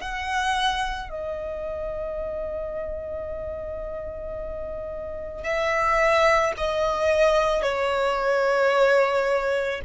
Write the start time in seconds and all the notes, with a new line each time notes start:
0.00 F#5
1.09 D#5
5.43 E5
6.57 D#5
7.62 C#5